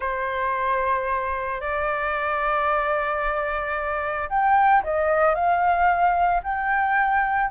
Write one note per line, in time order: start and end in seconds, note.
0.00 1.60 C5
1.60 4.28 D5
4.29 4.82 G5
4.83 5.34 D#5
5.34 6.41 F5
6.43 7.50 G5